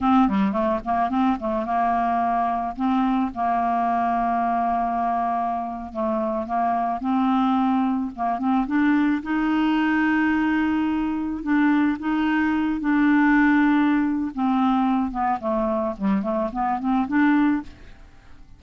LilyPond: \new Staff \with { instrumentName = "clarinet" } { \time 4/4 \tempo 4 = 109 c'8 g8 a8 ais8 c'8 a8 ais4~ | ais4 c'4 ais2~ | ais2~ ais8. a4 ais16~ | ais8. c'2 ais8 c'8 d'16~ |
d'8. dis'2.~ dis'16~ | dis'8. d'4 dis'4. d'8.~ | d'2 c'4. b8 | a4 g8 a8 b8 c'8 d'4 | }